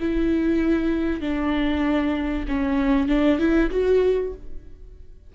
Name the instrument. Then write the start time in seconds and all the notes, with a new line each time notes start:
viola
0.00 E4
1.21 D4
2.48 C#4
3.08 D4
3.39 E4
3.70 F#4